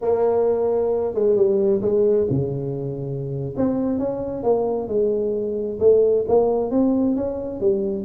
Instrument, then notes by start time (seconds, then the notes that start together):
tuba
0.01 A#3
1.14 G#3
1.36 G3
1.81 G#3
2.30 C#3
3.56 C4
3.98 C#4
4.43 A#3
4.88 G#3
5.79 A3
6.27 A#3
6.70 C4
7.15 C#4
7.60 G3